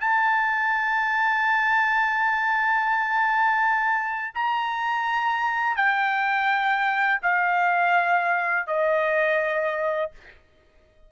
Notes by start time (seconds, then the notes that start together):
0.00 A5
4.34 A#5
5.76 G5
7.22 F5
8.66 D#5